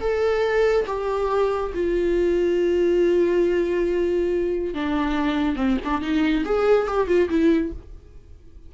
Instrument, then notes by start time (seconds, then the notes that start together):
viola
0.00 A4
0.86 G4
1.74 F4
4.74 D4
5.56 C4
5.84 D4
6.01 D#4
6.45 G#4
6.87 G4
7.07 F4
7.29 E4